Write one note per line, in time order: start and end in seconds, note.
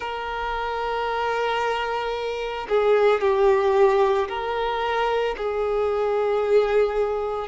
0.00 2.67 A#4
2.68 3.20 G#4
3.20 4.28 G4
4.28 5.35 A#4
5.37 7.48 G#4